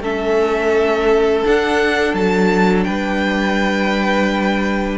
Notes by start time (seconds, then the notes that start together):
0.00 A3 C#4 A4 E5
1.45 D4 F#5
2.14 F#3 A5
2.84 G3 B4 G5